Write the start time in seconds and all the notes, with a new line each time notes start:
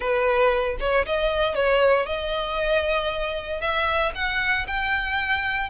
0.00 B4
0.79 C#5
1.06 D#5
1.54 C#5
2.05 D#5
3.60 E5
4.14 F#5
4.67 G5